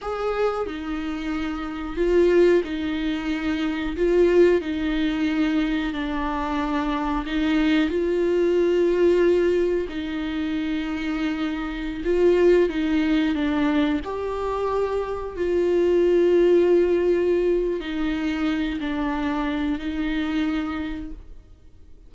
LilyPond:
\new Staff \with { instrumentName = "viola" } { \time 4/4 \tempo 4 = 91 gis'4 dis'2 f'4 | dis'2 f'4 dis'4~ | dis'4 d'2 dis'4 | f'2. dis'4~ |
dis'2~ dis'16 f'4 dis'8.~ | dis'16 d'4 g'2 f'8.~ | f'2. dis'4~ | dis'8 d'4. dis'2 | }